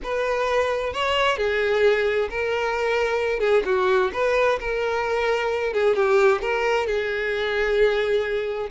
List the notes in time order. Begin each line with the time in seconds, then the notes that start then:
0.03 B4
0.93 C#5
1.37 G#4
2.30 A#4
3.39 G#4
3.65 F#4
4.13 B4
4.60 A#4
5.73 G#4
5.95 G4
6.41 A#4
6.86 G#4